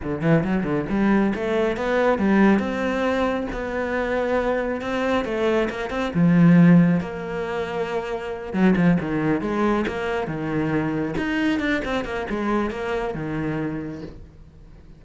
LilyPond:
\new Staff \with { instrumentName = "cello" } { \time 4/4 \tempo 4 = 137 d8 e8 fis8 d8 g4 a4 | b4 g4 c'2 | b2. c'4 | a4 ais8 c'8 f2 |
ais2.~ ais8 fis8 | f8 dis4 gis4 ais4 dis8~ | dis4. dis'4 d'8 c'8 ais8 | gis4 ais4 dis2 | }